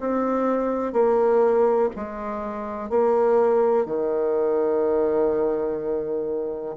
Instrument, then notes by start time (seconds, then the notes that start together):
bassoon
0.00 C4
0.93 A#3
1.96 G#3
2.90 A#3
3.86 D#3